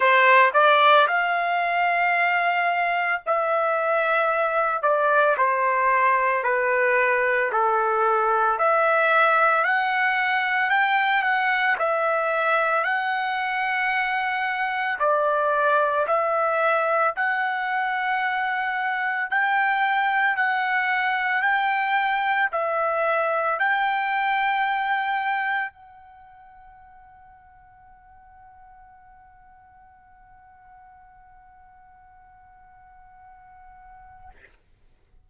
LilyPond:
\new Staff \with { instrumentName = "trumpet" } { \time 4/4 \tempo 4 = 56 c''8 d''8 f''2 e''4~ | e''8 d''8 c''4 b'4 a'4 | e''4 fis''4 g''8 fis''8 e''4 | fis''2 d''4 e''4 |
fis''2 g''4 fis''4 | g''4 e''4 g''2 | fis''1~ | fis''1 | }